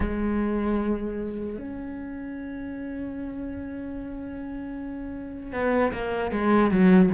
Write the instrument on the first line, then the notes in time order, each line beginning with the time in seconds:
cello
0.00 G#3
1.58 C#4
5.52 B3
5.92 A#3
6.31 G#3
6.70 F#3